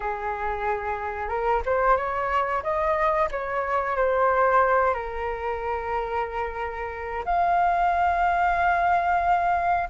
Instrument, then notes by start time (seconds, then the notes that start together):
flute
0.00 G#4
1.29 A#4
1.65 C5
1.96 C#5
2.63 D#5
3.31 C#5
3.96 C5
4.93 A#4
7.25 F5